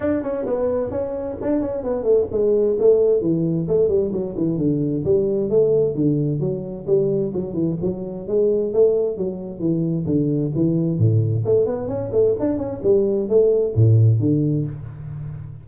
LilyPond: \new Staff \with { instrumentName = "tuba" } { \time 4/4 \tempo 4 = 131 d'8 cis'8 b4 cis'4 d'8 cis'8 | b8 a8 gis4 a4 e4 | a8 g8 fis8 e8 d4 g4 | a4 d4 fis4 g4 |
fis8 e8 fis4 gis4 a4 | fis4 e4 d4 e4 | a,4 a8 b8 cis'8 a8 d'8 cis'8 | g4 a4 a,4 d4 | }